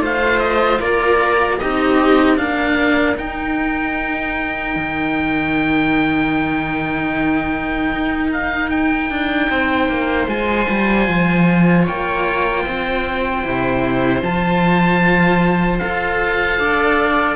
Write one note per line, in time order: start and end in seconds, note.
0.00 0.79 A3
0.00 1.59 F4
0.00 0.80 C5
0.00 0.40 F5
0.40 0.79 D#5
0.80 1.60 A#3
0.80 1.59 A#4
0.80 1.59 D5
1.59 2.39 C4
1.59 2.37 D#4
1.59 2.39 G4
1.59 2.37 D#5
2.37 3.18 A#3
2.37 3.16 D4
2.37 9.50 A#4
2.37 3.16 F5
3.17 10.27 D#4
3.17 4.76 D#4
3.17 8.31 G5
4.76 7.92 D#3
7.92 9.10 D#4
8.33 8.70 F5
8.70 10.28 G5
9.10 9.49 D4
9.50 9.89 C4
9.50 11.84 C5
9.89 10.27 A#3
10.27 10.67 G#3
10.27 13.44 F4
10.27 11.86 G#5
10.69 11.08 G3
11.08 11.87 F3
11.84 12.66 A#3
11.84 12.63 C#5
11.84 14.23 G5
12.66 13.45 C4
12.66 16.60 C5
13.44 14.22 C3
13.44 14.23 E4
14.22 15.80 F3
14.22 15.80 F4
14.22 15.79 A5
15.79 16.60 F4
15.79 17.36 A4
15.79 17.36 F5
16.60 17.36 D4
16.60 17.36 D5